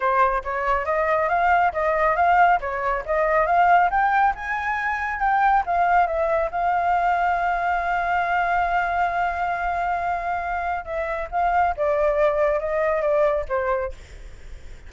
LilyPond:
\new Staff \with { instrumentName = "flute" } { \time 4/4 \tempo 4 = 138 c''4 cis''4 dis''4 f''4 | dis''4 f''4 cis''4 dis''4 | f''4 g''4 gis''2 | g''4 f''4 e''4 f''4~ |
f''1~ | f''1~ | f''4 e''4 f''4 d''4~ | d''4 dis''4 d''4 c''4 | }